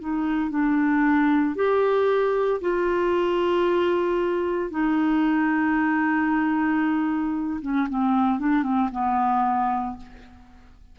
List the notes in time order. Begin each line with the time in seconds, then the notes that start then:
0.00 D#4
0.51 D4
1.56 G4
2.61 F4
4.71 D#4
7.62 C#4
7.90 C4
8.40 D4
8.64 C4
8.92 B3